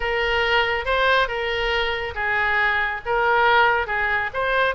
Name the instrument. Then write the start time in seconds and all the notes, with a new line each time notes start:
oboe
0.00 A#4
0.85 C5
1.27 A#4
2.14 G#4
3.05 A#4
3.87 G#4
4.33 C5